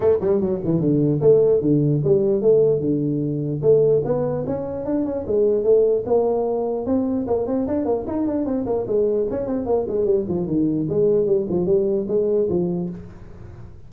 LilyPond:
\new Staff \with { instrumentName = "tuba" } { \time 4/4 \tempo 4 = 149 a8 g8 fis8 e8 d4 a4 | d4 g4 a4 d4~ | d4 a4 b4 cis'4 | d'8 cis'8 gis4 a4 ais4~ |
ais4 c'4 ais8 c'8 d'8 ais8 | dis'8 d'8 c'8 ais8 gis4 cis'8 c'8 | ais8 gis8 g8 f8 dis4 gis4 | g8 f8 g4 gis4 f4 | }